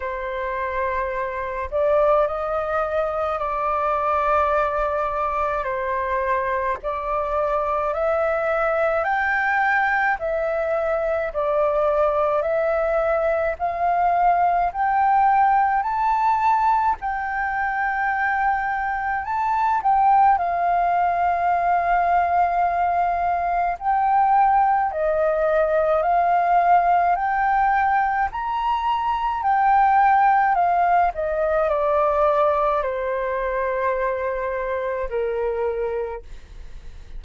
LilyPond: \new Staff \with { instrumentName = "flute" } { \time 4/4 \tempo 4 = 53 c''4. d''8 dis''4 d''4~ | d''4 c''4 d''4 e''4 | g''4 e''4 d''4 e''4 | f''4 g''4 a''4 g''4~ |
g''4 a''8 g''8 f''2~ | f''4 g''4 dis''4 f''4 | g''4 ais''4 g''4 f''8 dis''8 | d''4 c''2 ais'4 | }